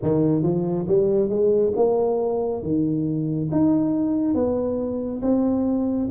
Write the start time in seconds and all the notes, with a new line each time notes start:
0.02 D#3
0.42 F3
0.87 G3
1.29 G#3
1.76 A#3
2.62 D#3
3.51 D#4
4.34 B3
5.22 C4